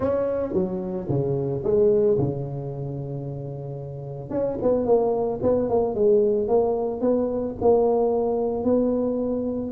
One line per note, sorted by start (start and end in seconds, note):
0.00 0.53 C#4
0.53 1.07 F#3
1.08 1.62 C#3
1.63 2.17 G#3
2.18 4.30 C#3
4.30 4.57 C#4
4.62 4.85 B3
4.85 5.39 A#3
5.42 5.69 B3
5.69 5.94 A#3
5.94 6.47 G#3
6.47 7.00 A#3
7.00 7.54 B3
7.61 8.63 A#3
8.63 9.71 B3